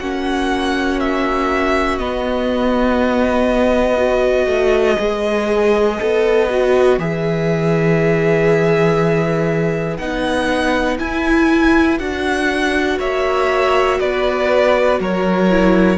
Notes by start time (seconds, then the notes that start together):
0.00 A#3 C#4 F#4 F#5
1.00 E5
1.99 B3 D#5
3.98 F#4 B4
4.47 A3
4.99 G#3 G#4
5.99 B3 A4
6.50 F#4
6.99 E3 G#4 E5
9.97 B3 D#4 F#5
10.99 E4 G#5
11.99 D4 F#4 F#5
12.99 A#3 C#5 E5
14.00 B3 B4 D5
15.00 F#3 A#4 C#5
15.50 E4